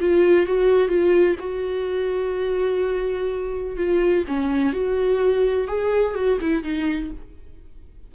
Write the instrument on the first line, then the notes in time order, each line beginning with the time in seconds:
viola
0.00 F4
0.46 F#4
0.88 F4
1.39 F#4
3.77 F4
4.27 C#4
4.73 F#4
5.67 G#4
6.15 F#4
6.40 E4
6.63 D#4